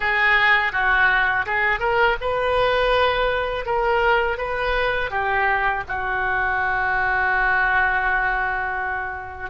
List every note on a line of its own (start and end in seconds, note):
0.00 0.72 G#4
0.72 1.45 F#4
1.46 1.79 G#4
1.79 2.16 A#4
2.21 3.66 B4
3.66 4.37 A#4
4.37 5.10 B4
5.10 5.83 G4
5.87 9.50 F#4